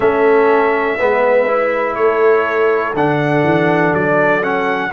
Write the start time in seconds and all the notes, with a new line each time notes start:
0.00 A3 C#4 A4 E5
0.98 G#3 B3 B4
1.47 E4
1.95 A3 A4 C#5
2.94 D3 D4 F#5
3.43 E3
3.93 F#3 D5
4.42 C#4 F#5